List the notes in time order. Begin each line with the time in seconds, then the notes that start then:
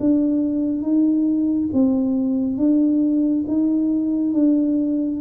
0.00 D4
0.83 D#4
1.74 C4
2.58 D4
3.48 D#4
4.34 D4